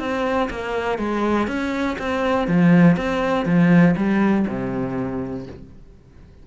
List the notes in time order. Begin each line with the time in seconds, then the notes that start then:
0.00 C4
0.50 A#3
0.99 G#3
1.48 C#4
1.99 C4
2.48 F3
2.97 C4
3.46 F3
3.97 G3
4.48 C3